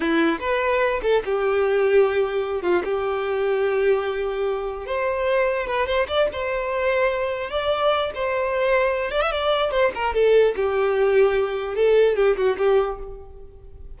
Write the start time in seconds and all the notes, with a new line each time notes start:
0.00 E4
0.39 B4
1.02 A4
1.25 G4
2.62 F4
2.84 G4
4.86 C5
5.67 B4
5.86 C5
6.08 D5
6.32 C5
7.50 D5
8.14 C5
9.11 D5
9.21 E5
9.31 D5
9.71 C5
9.94 A#4
10.14 A4
10.56 G4
11.75 A4
12.16 G4
12.36 F#4
12.57 G4